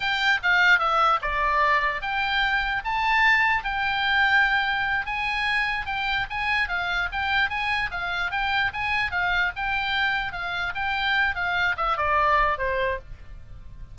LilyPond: \new Staff \with { instrumentName = "oboe" } { \time 4/4 \tempo 4 = 148 g''4 f''4 e''4 d''4~ | d''4 g''2 a''4~ | a''4 g''2.~ | g''8 gis''2 g''4 gis''8~ |
gis''8 f''4 g''4 gis''4 f''8~ | f''8 g''4 gis''4 f''4 g''8~ | g''4. f''4 g''4. | f''4 e''8 d''4. c''4 | }